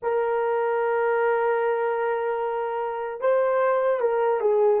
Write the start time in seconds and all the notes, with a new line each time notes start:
0.02 A#4
3.20 C5
4.00 A#4
4.40 G#4